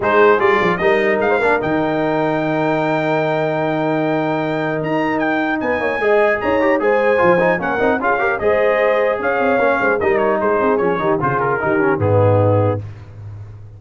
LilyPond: <<
  \new Staff \with { instrumentName = "trumpet" } { \time 4/4 \tempo 4 = 150 c''4 d''4 dis''4 f''4 | g''1~ | g''1 | ais''4 g''4 gis''2 |
ais''4 gis''2 fis''4 | f''4 dis''2 f''4~ | f''4 dis''8 cis''8 c''4 cis''4 | c''8 ais'4. gis'2 | }
  \new Staff \with { instrumentName = "horn" } { \time 4/4 gis'2 ais'4~ ais'16 c''16 ais'8~ | ais'1~ | ais'1~ | ais'2 b'8 cis''8 dis''4 |
cis''4 c''2 ais'4 | gis'8 ais'8 c''2 cis''4~ | cis''8 c''8 ais'4 gis'4. g'8 | gis'4 g'4 dis'2 | }
  \new Staff \with { instrumentName = "trombone" } { \time 4/4 dis'4 f'4 dis'4. d'8 | dis'1~ | dis'1~ | dis'2. gis'4~ |
gis'8 g'8 gis'4 f'8 dis'8 cis'8 dis'8 | f'8 g'8 gis'2. | cis'4 dis'2 cis'8 dis'8 | f'4 dis'8 cis'8 b2 | }
  \new Staff \with { instrumentName = "tuba" } { \time 4/4 gis4 g8 f8 g4 gis8 ais8 | dis1~ | dis1 | dis'2 b8 ais8 gis4 |
dis'4 gis4 f4 ais8 c'8 | cis'4 gis2 cis'8 c'8 | ais8 gis8 g4 gis8 c'8 f8 dis8 | cis4 dis4 gis,2 | }
>>